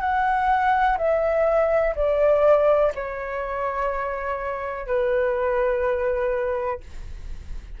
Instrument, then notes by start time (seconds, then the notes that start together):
flute
0.00 F#5
0.97 E5
1.95 D5
2.94 C#5
4.87 B4